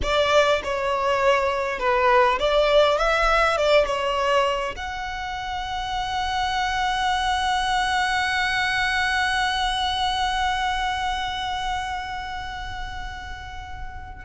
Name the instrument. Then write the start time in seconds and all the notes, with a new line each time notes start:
violin
0.02 D5
0.63 C#5
1.79 B4
2.39 D5
2.98 E5
3.57 D5
3.86 C#5
4.76 F#5